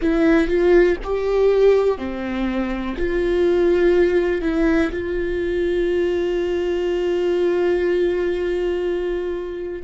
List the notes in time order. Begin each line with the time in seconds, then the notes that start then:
0.01 E4
0.47 F4
1.03 G4
1.98 C4
2.97 F4
4.41 E4
4.91 F4